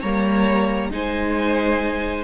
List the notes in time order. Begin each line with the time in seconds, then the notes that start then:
0.00 G3 A#3 C#5 A#5
0.90 G#3 D#4 C5 G#5